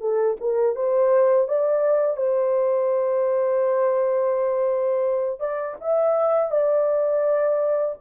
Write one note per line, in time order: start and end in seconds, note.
0.00 0.36 A4
0.40 0.75 A#4
0.75 1.48 C5
1.48 2.17 D5
2.17 5.40 C5
5.40 5.76 D5
5.81 6.51 E5
6.51 7.96 D5